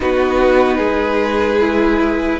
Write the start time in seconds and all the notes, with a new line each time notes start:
0.00 B3 D#4 F#4 B4
0.77 G#3 G#4
1.60 E4